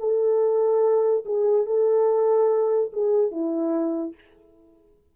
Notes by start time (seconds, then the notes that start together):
0.00 A4
1.26 G#4
1.67 A4
2.93 G#4
3.31 E4